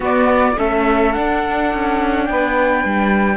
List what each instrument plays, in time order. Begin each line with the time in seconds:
0.00 viola B3, cello B3, saxophone F#4, flute D5
0.56 cello A3, viola C#4, saxophone A4, flute E5
1.12 viola D4, cello D4, flute F#5
1.73 cello C#4
2.25 cello B3, saxophone B4, flute G5
2.84 cello G3